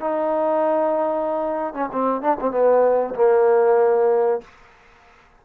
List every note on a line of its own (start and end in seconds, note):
0.00 1.73 D#4
1.73 1.89 C#4
1.92 2.21 C4
2.21 2.37 D4
2.40 2.51 C4
2.51 3.14 B3
3.14 4.41 A#3